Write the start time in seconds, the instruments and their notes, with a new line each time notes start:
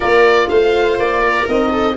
0.00 tuba A#3, horn F4, viola A#4, oboe D5
0.49 tuba A3, viola C5, oboe F5
0.98 tuba A#3, oboe D5
1.21 viola A#4
1.47 tuba C4, horn D#4, oboe D#5
1.71 viola A4